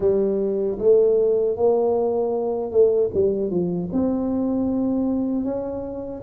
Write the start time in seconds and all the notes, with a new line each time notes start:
0.00 G3
0.78 A3
1.56 A#3
2.71 A3
3.13 G3
3.50 F3
3.92 C4
5.44 C#4